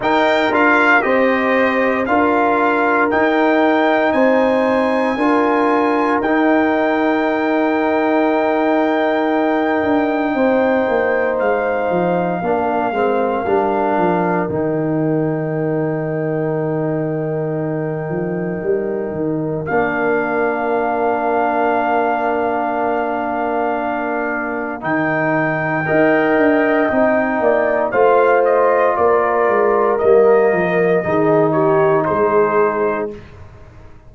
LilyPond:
<<
  \new Staff \with { instrumentName = "trumpet" } { \time 4/4 \tempo 4 = 58 g''8 f''8 dis''4 f''4 g''4 | gis''2 g''2~ | g''2. f''4~ | f''2 g''2~ |
g''2. f''4~ | f''1 | g''2. f''8 dis''8 | d''4 dis''4. cis''8 c''4 | }
  \new Staff \with { instrumentName = "horn" } { \time 4/4 ais'4 c''4 ais'2 | c''4 ais'2.~ | ais'2 c''2 | ais'1~ |
ais'1~ | ais'1~ | ais'4 dis''4. d''8 c''4 | ais'2 gis'8 g'8 gis'4 | }
  \new Staff \with { instrumentName = "trombone" } { \time 4/4 dis'8 f'8 g'4 f'4 dis'4~ | dis'4 f'4 dis'2~ | dis'1 | d'8 c'8 d'4 dis'2~ |
dis'2. d'4~ | d'1 | dis'4 ais'4 dis'4 f'4~ | f'4 ais4 dis'2 | }
  \new Staff \with { instrumentName = "tuba" } { \time 4/4 dis'8 d'8 c'4 d'4 dis'4 | c'4 d'4 dis'2~ | dis'4. d'8 c'8 ais8 gis8 f8 | ais8 gis8 g8 f8 dis2~ |
dis4. f8 g8 dis8 ais4~ | ais1 | dis4 dis'8 d'8 c'8 ais8 a4 | ais8 gis8 g8 f8 dis4 gis4 | }
>>